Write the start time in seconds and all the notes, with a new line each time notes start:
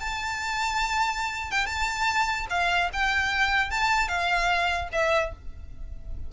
0.00 A5
1.51 G5
1.66 A5
2.49 F5
2.93 G5
3.70 A5
4.08 F5
4.92 E5